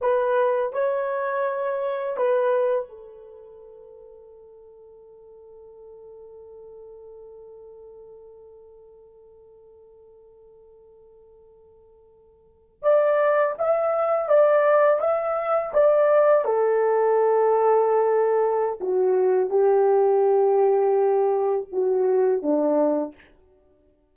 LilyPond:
\new Staff \with { instrumentName = "horn" } { \time 4/4 \tempo 4 = 83 b'4 cis''2 b'4 | a'1~ | a'1~ | a'1~ |
a'4.~ a'16 d''4 e''4 d''16~ | d''8. e''4 d''4 a'4~ a'16~ | a'2 fis'4 g'4~ | g'2 fis'4 d'4 | }